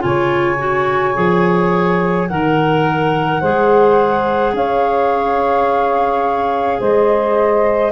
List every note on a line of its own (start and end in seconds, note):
0.00 1.17 C#3
0.00 0.57 F4
0.00 2.29 C#5
0.00 2.29 G#5
0.59 1.15 F#4
1.15 2.30 F3
1.15 2.28 G#4
2.29 3.42 D#3
2.29 3.41 A#4
2.29 3.43 A#4
2.29 4.55 F#5
3.41 4.54 G#3
3.41 7.92 G#4
3.41 4.54 C5
4.54 6.80 C#4
4.54 6.80 C#5
4.54 6.82 F5
6.80 7.92 G#3
6.80 7.92 C5
6.80 7.92 D#5